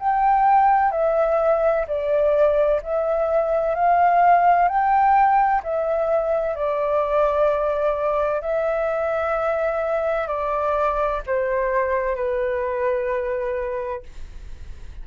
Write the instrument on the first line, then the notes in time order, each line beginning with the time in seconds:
flute
0.00 G5
0.92 E5
1.87 D5
2.83 E5
3.75 F5
4.68 G5
5.64 E5
6.56 D5
8.42 E5
10.28 D5
11.27 C5
12.16 B4